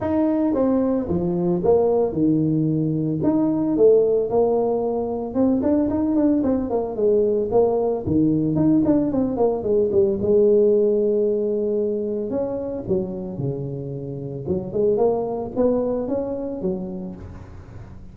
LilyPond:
\new Staff \with { instrumentName = "tuba" } { \time 4/4 \tempo 4 = 112 dis'4 c'4 f4 ais4 | dis2 dis'4 a4 | ais2 c'8 d'8 dis'8 d'8 | c'8 ais8 gis4 ais4 dis4 |
dis'8 d'8 c'8 ais8 gis8 g8 gis4~ | gis2. cis'4 | fis4 cis2 fis8 gis8 | ais4 b4 cis'4 fis4 | }